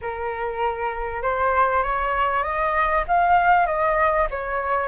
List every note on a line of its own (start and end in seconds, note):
0.01 1.22 A#4
1.22 1.83 C5
1.83 2.43 C#5
2.43 3.04 D#5
3.07 3.66 F5
3.66 4.27 D#5
4.30 4.88 C#5